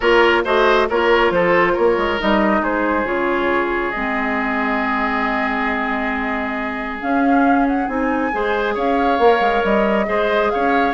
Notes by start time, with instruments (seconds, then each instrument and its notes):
0.00 bassoon A#3, clarinet F4, oboe A#4, flute C#5
0.44 bassoon A3, clarinet F#4, oboe C5, flute D#5
0.89 bassoon A#3, clarinet F4, oboe A#4, flute C#5
1.30 bassoon F3, oboe A4, flute C5
1.72 oboe A#4, flute C#5
1.78 bassoon A#3
1.97 bassoon G#3
2.19 bassoon G3, clarinet D#4, flute D#5
2.60 bassoon G#3, oboe G#4, flute C5
3.04 bassoon C#3, clarinet F4, flute C#5
3.91 bassoon G#3, clarinet C4, flute D#5
7.00 clarinet C#4, bassoon C#4, flute F5
7.67 flute F#5
7.87 bassoon C4, clarinet D#4, flute G#5
8.32 bassoon G#3, clarinet G#4, oboe C5
8.74 bassoon C#4, oboe C#5, flute F5
9.18 bassoon A#3, clarinet A#4
9.40 bassoon G#3
9.64 bassoon G3, flute D#5
10.05 bassoon G#3, clarinet G#4, oboe C5
10.50 bassoon C#4, oboe C#5, flute F5